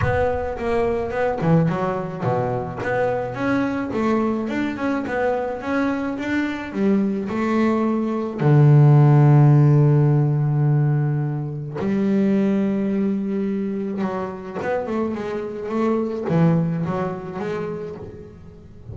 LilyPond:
\new Staff \with { instrumentName = "double bass" } { \time 4/4 \tempo 4 = 107 b4 ais4 b8 e8 fis4 | b,4 b4 cis'4 a4 | d'8 cis'8 b4 cis'4 d'4 | g4 a2 d4~ |
d1~ | d4 g2.~ | g4 fis4 b8 a8 gis4 | a4 e4 fis4 gis4 | }